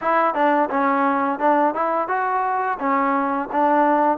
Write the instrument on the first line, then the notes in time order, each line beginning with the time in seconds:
trombone
0.01 E4
0.34 D4
0.69 C#4
1.39 D4
1.74 E4
2.08 F#4
2.79 C#4
3.51 D4